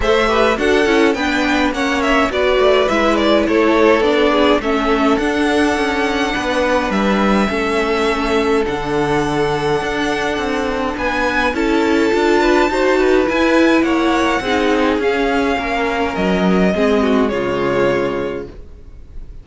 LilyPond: <<
  \new Staff \with { instrumentName = "violin" } { \time 4/4 \tempo 4 = 104 e''4 fis''4 g''4 fis''8 e''8 | d''4 e''8 d''8 cis''4 d''4 | e''4 fis''2. | e''2. fis''4~ |
fis''2. gis''4 | a''2. gis''4 | fis''2 f''2 | dis''2 cis''2 | }
  \new Staff \with { instrumentName = "violin" } { \time 4/4 c''8 b'8 a'4 b'4 cis''4 | b'2 a'4. gis'8 | a'2. b'4~ | b'4 a'2.~ |
a'2. b'4 | a'4. b'8 c''8 b'4. | cis''4 gis'2 ais'4~ | ais'4 gis'8 fis'8 f'2 | }
  \new Staff \with { instrumentName = "viola" } { \time 4/4 a'8 g'8 fis'8 e'8 d'4 cis'4 | fis'4 e'2 d'4 | cis'4 d'2.~ | d'4 cis'2 d'4~ |
d'1 | e'4 f'4 fis'4 e'4~ | e'4 dis'4 cis'2~ | cis'4 c'4 gis2 | }
  \new Staff \with { instrumentName = "cello" } { \time 4/4 a4 d'8 cis'8 b4 ais4 | b8 a8 gis4 a4 b4 | a4 d'4 cis'4 b4 | g4 a2 d4~ |
d4 d'4 c'4 b4 | cis'4 d'4 dis'4 e'4 | ais4 c'4 cis'4 ais4 | fis4 gis4 cis2 | }
>>